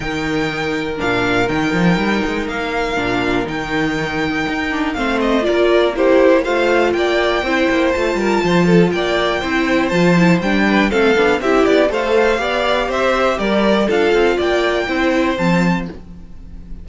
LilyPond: <<
  \new Staff \with { instrumentName = "violin" } { \time 4/4 \tempo 4 = 121 g''2 f''4 g''4~ | g''4 f''2 g''4~ | g''2 f''8 dis''8 d''4 | c''4 f''4 g''2 |
a''2 g''2 | a''4 g''4 f''4 e''8 d''8 | f''2 e''4 d''4 | f''4 g''2 a''4 | }
  \new Staff \with { instrumentName = "violin" } { \time 4/4 ais'1~ | ais'1~ | ais'2 c''4 ais'4 | g'4 c''4 d''4 c''4~ |
c''8 ais'8 c''8 a'8 d''4 c''4~ | c''4. b'8 a'4 g'4 | c''4 d''4 c''4 ais'4 | a'4 d''4 c''2 | }
  \new Staff \with { instrumentName = "viola" } { \time 4/4 dis'2 d'4 dis'4~ | dis'2 d'4 dis'4~ | dis'4. d'8 c'4 f'4 | e'4 f'2 e'4 |
f'2. e'4 | f'8 e'8 d'4 c'8 d'8 e'4 | a'4 g'2. | f'2 e'4 c'4 | }
  \new Staff \with { instrumentName = "cello" } { \time 4/4 dis2 ais,4 dis8 f8 | g8 gis8 ais4 ais,4 dis4~ | dis4 dis'4 a4 ais4~ | ais4 a4 ais4 c'8 ais8 |
a8 g8 f4 ais4 c'4 | f4 g4 a8 b8 c'8 b8 | a4 b4 c'4 g4 | d'8 c'8 ais4 c'4 f4 | }
>>